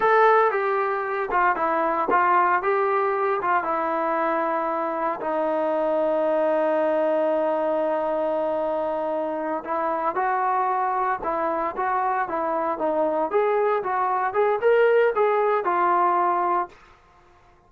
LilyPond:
\new Staff \with { instrumentName = "trombone" } { \time 4/4 \tempo 4 = 115 a'4 g'4. f'8 e'4 | f'4 g'4. f'8 e'4~ | e'2 dis'2~ | dis'1~ |
dis'2~ dis'8 e'4 fis'8~ | fis'4. e'4 fis'4 e'8~ | e'8 dis'4 gis'4 fis'4 gis'8 | ais'4 gis'4 f'2 | }